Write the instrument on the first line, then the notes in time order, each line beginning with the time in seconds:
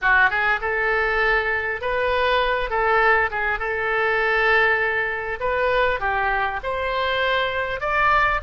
oboe
0.01 F#4
0.30 G#4
0.61 A4
1.81 B4
2.70 A4
3.30 G#4
3.59 A4
5.40 B4
6.00 G4
6.63 C5
7.80 D5